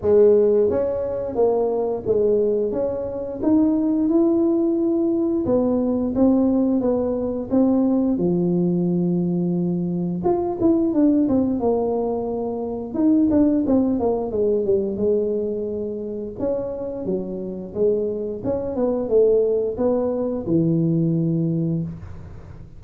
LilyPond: \new Staff \with { instrumentName = "tuba" } { \time 4/4 \tempo 4 = 88 gis4 cis'4 ais4 gis4 | cis'4 dis'4 e'2 | b4 c'4 b4 c'4 | f2. f'8 e'8 |
d'8 c'8 ais2 dis'8 d'8 | c'8 ais8 gis8 g8 gis2 | cis'4 fis4 gis4 cis'8 b8 | a4 b4 e2 | }